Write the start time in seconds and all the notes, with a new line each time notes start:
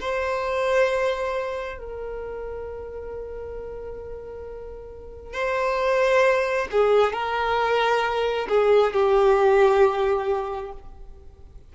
0.00 C5
1.78 A#4
5.33 C5
6.71 G#4
7.13 A#4
8.48 G#4
8.93 G4